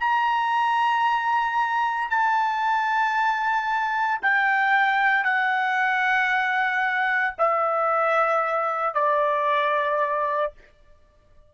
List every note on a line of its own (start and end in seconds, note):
0.00 2.10 A#5
2.10 4.21 A5
4.22 5.23 G5
5.23 7.34 F#5
7.38 8.94 E5
8.94 10.52 D5